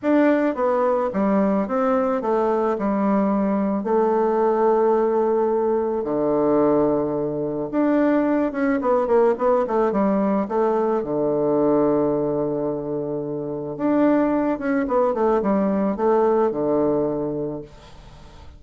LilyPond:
\new Staff \with { instrumentName = "bassoon" } { \time 4/4 \tempo 4 = 109 d'4 b4 g4 c'4 | a4 g2 a4~ | a2. d4~ | d2 d'4. cis'8 |
b8 ais8 b8 a8 g4 a4 | d1~ | d4 d'4. cis'8 b8 a8 | g4 a4 d2 | }